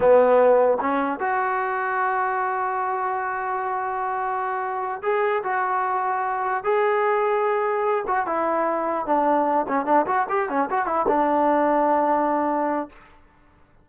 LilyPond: \new Staff \with { instrumentName = "trombone" } { \time 4/4 \tempo 4 = 149 b2 cis'4 fis'4~ | fis'1~ | fis'1~ | fis'8 gis'4 fis'2~ fis'8~ |
fis'8 gis'2.~ gis'8 | fis'8 e'2 d'4. | cis'8 d'8 fis'8 g'8 cis'8 fis'8 e'8 d'8~ | d'1 | }